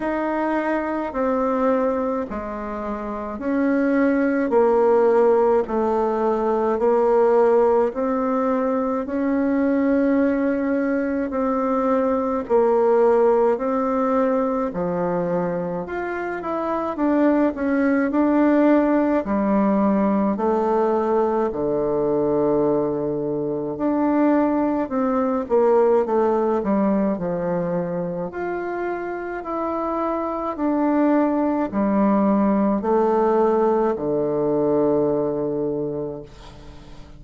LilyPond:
\new Staff \with { instrumentName = "bassoon" } { \time 4/4 \tempo 4 = 53 dis'4 c'4 gis4 cis'4 | ais4 a4 ais4 c'4 | cis'2 c'4 ais4 | c'4 f4 f'8 e'8 d'8 cis'8 |
d'4 g4 a4 d4~ | d4 d'4 c'8 ais8 a8 g8 | f4 f'4 e'4 d'4 | g4 a4 d2 | }